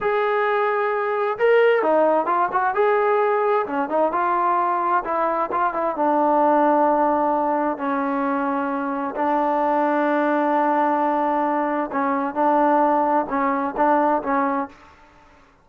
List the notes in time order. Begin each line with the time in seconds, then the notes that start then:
0.00 G#4
1.38 A#4
1.82 D#4
2.26 F4
2.52 F#4
2.74 G#4
3.66 C#4
3.89 D#4
4.12 F4
5.04 E4
5.51 F4
5.73 E4
5.95 D4
7.77 C#4
9.15 D4
11.92 C#4
12.34 D4
13.29 C#4
13.76 D4
14.23 C#4